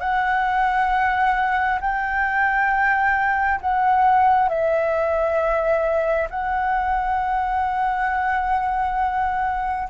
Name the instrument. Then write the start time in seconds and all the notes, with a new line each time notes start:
flute
0.00 F#5
1.81 G5
3.61 F#5
4.49 E5
6.30 F#5